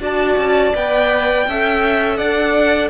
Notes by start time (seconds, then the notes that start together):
0.00 D4 F#4 D5 A5
0.37 C#4
0.75 B3 B4 G5
1.47 C#4 A4 E5
2.16 D4 D5 F#5